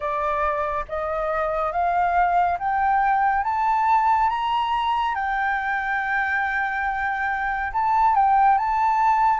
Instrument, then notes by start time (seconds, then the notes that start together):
flute
0.00 D5
0.88 D#5
1.72 F5
2.58 G5
3.44 A5
4.29 A#5
5.14 G5
7.73 A5
8.15 G5
8.58 A5